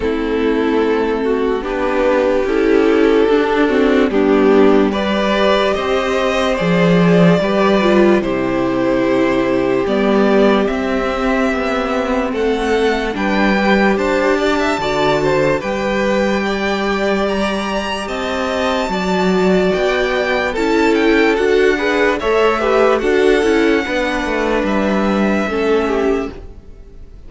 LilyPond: <<
  \new Staff \with { instrumentName = "violin" } { \time 4/4 \tempo 4 = 73 a'2 b'4 a'4~ | a'4 g'4 d''4 dis''4 | d''2 c''2 | d''4 e''2 fis''4 |
g''4 a''2 g''4~ | g''4 ais''4 a''2 | g''4 a''8 g''8 fis''4 e''4 | fis''2 e''2 | }
  \new Staff \with { instrumentName = "violin" } { \time 4/4 e'4. fis'8 g'2~ | g'8 fis'8 d'4 b'4 c''4~ | c''4 b'4 g'2~ | g'2. a'4 |
b'4 c''8 d''16 e''16 d''8 c''8 b'4 | d''2 dis''4 d''4~ | d''4 a'4. b'8 cis''8 b'8 | a'4 b'2 a'8 g'8 | }
  \new Staff \with { instrumentName = "viola" } { \time 4/4 c'2 d'4 e'4 | d'8 c'8 b4 g'2 | gis'4 g'8 f'8 e'2 | b4 c'2. |
d'8 g'4. fis'4 g'4~ | g'2. fis'4~ | fis'4 e'4 fis'8 gis'8 a'8 g'8 | fis'8 e'8 d'2 cis'4 | }
  \new Staff \with { instrumentName = "cello" } { \time 4/4 a2 b4 cis'4 | d'4 g2 c'4 | f4 g4 c2 | g4 c'4 b4 a4 |
g4 d'4 d4 g4~ | g2 c'4 fis4 | b4 cis'4 d'4 a4 | d'8 cis'8 b8 a8 g4 a4 | }
>>